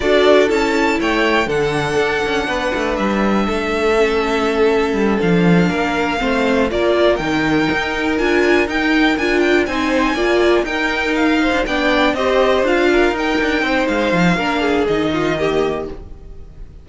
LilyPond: <<
  \new Staff \with { instrumentName = "violin" } { \time 4/4 \tempo 4 = 121 d''4 a''4 g''4 fis''4~ | fis''2 e''2~ | e''2~ e''8 f''4.~ | f''4. d''4 g''4.~ |
g''8 gis''4 g''4 gis''8 g''8 gis''8~ | gis''4. g''4 f''4 g''8~ | g''8 dis''4 f''4 g''4. | f''2 dis''2 | }
  \new Staff \with { instrumentName = "violin" } { \time 4/4 a'2 cis''4 a'4~ | a'4 b'2 a'4~ | a'2.~ a'8 ais'8~ | ais'8 c''4 ais'2~ ais'8~ |
ais'2.~ ais'8 c''8~ | c''8 d''4 ais'4. c''8 d''8~ | d''8 c''4. ais'4. c''8~ | c''4 ais'8 gis'4 f'8 g'4 | }
  \new Staff \with { instrumentName = "viola" } { \time 4/4 fis'4 e'2 d'4~ | d'1 | cis'2~ cis'8 d'4.~ | d'8 c'4 f'4 dis'4.~ |
dis'8 f'4 dis'4 f'4 dis'8~ | dis'8 f'4 dis'2 d'8~ | d'8 g'4 f'4 dis'4.~ | dis'4 d'4 dis'4 ais4 | }
  \new Staff \with { instrumentName = "cello" } { \time 4/4 d'4 cis'4 a4 d4 | d'8 cis'8 b8 a8 g4 a4~ | a2 g8 f4 ais8~ | ais8 a4 ais4 dis4 dis'8~ |
dis'8 d'4 dis'4 d'4 c'8~ | c'8 ais4 dis'4.~ dis'16 d'16 b8~ | b8 c'4 d'4 dis'8 d'8 c'8 | gis8 f8 ais4 dis2 | }
>>